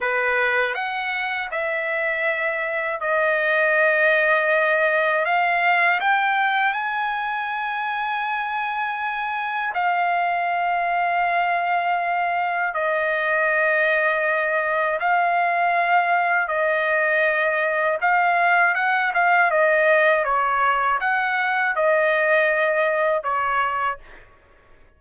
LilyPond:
\new Staff \with { instrumentName = "trumpet" } { \time 4/4 \tempo 4 = 80 b'4 fis''4 e''2 | dis''2. f''4 | g''4 gis''2.~ | gis''4 f''2.~ |
f''4 dis''2. | f''2 dis''2 | f''4 fis''8 f''8 dis''4 cis''4 | fis''4 dis''2 cis''4 | }